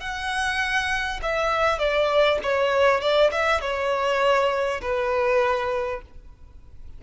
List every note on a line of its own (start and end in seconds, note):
0.00 1.20 F#5
1.22 1.79 E5
1.79 2.39 D5
2.42 3.01 C#5
3.01 3.31 D5
3.32 3.61 E5
3.61 4.81 C#5
4.82 6.02 B4